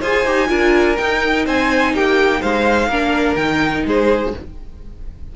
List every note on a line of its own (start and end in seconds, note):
0.00 0.25 F4
0.00 0.26 G#4
0.00 0.48 C5
0.00 0.97 G#5
0.25 0.49 D#4
0.25 0.48 G4
0.48 0.97 D4
0.48 0.96 F4
0.48 1.45 A#4
0.97 2.90 D#4
0.97 1.46 D#4
0.97 1.45 G5
1.45 1.94 C4
1.45 1.93 C5
1.45 1.95 G#5
1.94 2.42 A#3
1.94 2.40 G4
1.94 2.42 G5
2.40 2.88 G#3
2.40 2.88 C5
2.40 3.35 F5
2.88 3.35 A#3
2.88 3.38 D4
2.88 3.86 A#4
3.35 3.84 D#3
3.35 4.34 D#4
3.35 3.83 G5
3.85 4.33 G#3
3.85 4.34 G#4
3.85 4.35 C5